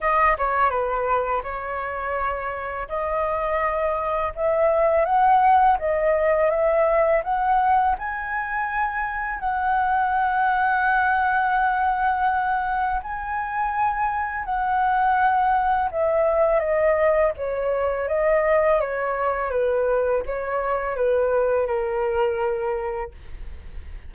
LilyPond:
\new Staff \with { instrumentName = "flute" } { \time 4/4 \tempo 4 = 83 dis''8 cis''8 b'4 cis''2 | dis''2 e''4 fis''4 | dis''4 e''4 fis''4 gis''4~ | gis''4 fis''2.~ |
fis''2 gis''2 | fis''2 e''4 dis''4 | cis''4 dis''4 cis''4 b'4 | cis''4 b'4 ais'2 | }